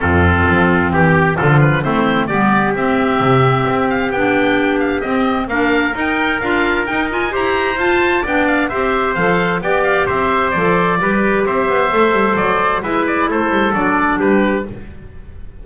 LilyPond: <<
  \new Staff \with { instrumentName = "oboe" } { \time 4/4 \tempo 4 = 131 a'2 g'4 a'8 b'8 | c''4 d''4 e''2~ | e''8 f''8 g''4. f''8 dis''4 | f''4 g''4 f''4 g''8 gis''8 |
ais''4 a''4 g''8 f''8 e''4 | f''4 g''8 f''8 e''4 d''4~ | d''4 e''2 d''4 | e''8 d''8 c''4 d''4 b'4 | }
  \new Staff \with { instrumentName = "trumpet" } { \time 4/4 f'2 g'4 f'4 | e'4 g'2.~ | g'1 | ais'1 |
c''2 d''4 c''4~ | c''4 d''4 c''2 | b'4 c''2. | b'4 a'2 g'4 | }
  \new Staff \with { instrumentName = "clarinet" } { \time 4/4 c'2. f4 | c'4 b4 c'2~ | c'4 d'2 c'4 | d'4 dis'4 f'4 dis'8 f'8 |
g'4 f'4 d'4 g'4 | a'4 g'2 a'4 | g'2 a'2 | e'2 d'2 | }
  \new Staff \with { instrumentName = "double bass" } { \time 4/4 f,4 f4 e4 d4 | a4 g4 c'4 c4 | c'4 b2 c'4 | ais4 dis'4 d'4 dis'4 |
e'4 f'4 b4 c'4 | f4 b4 c'4 f4 | g4 c'8 b8 a8 g8 fis4 | gis4 a8 g8 fis4 g4 | }
>>